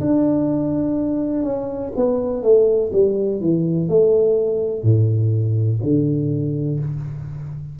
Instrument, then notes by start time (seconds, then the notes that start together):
tuba
0.00 D4
1.43 C#4
1.95 B3
2.42 A3
2.92 G3
3.40 E3
3.88 A3
4.83 A2
5.82 D3